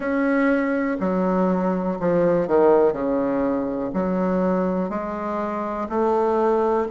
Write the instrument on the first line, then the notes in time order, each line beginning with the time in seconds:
bassoon
0.00 C#4
1.00 F#3
1.99 F3
2.47 D#3
2.92 C#3
3.93 F#3
4.89 G#3
5.89 A3